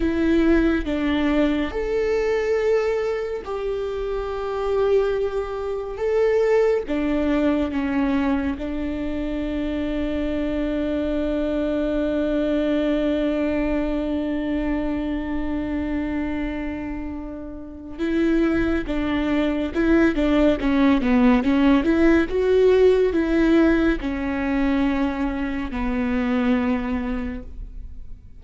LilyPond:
\new Staff \with { instrumentName = "viola" } { \time 4/4 \tempo 4 = 70 e'4 d'4 a'2 | g'2. a'4 | d'4 cis'4 d'2~ | d'1~ |
d'1~ | d'4 e'4 d'4 e'8 d'8 | cis'8 b8 cis'8 e'8 fis'4 e'4 | cis'2 b2 | }